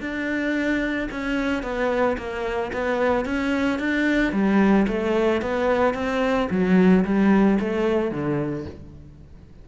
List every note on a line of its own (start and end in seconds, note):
0.00 1.08 D4
1.11 1.62 C#4
1.62 2.16 B3
2.17 2.71 A#3
2.73 3.25 B3
3.25 3.79 C#4
3.79 4.32 D4
4.32 4.86 G3
4.87 5.41 A3
5.41 5.94 B3
5.94 6.48 C4
6.50 7.04 F#3
7.04 7.58 G3
7.59 8.11 A3
8.11 8.65 D3